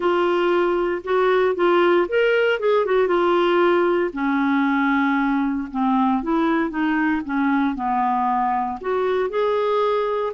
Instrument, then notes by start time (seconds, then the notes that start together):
clarinet
0.00 F4
1.04 F#4
1.55 F4
2.08 A#4
2.59 G#4
2.85 F#4
3.07 F4
4.13 C#4
5.71 C4
6.22 E4
6.70 D#4
7.25 C#4
7.75 B3
8.80 F#4
9.29 G#4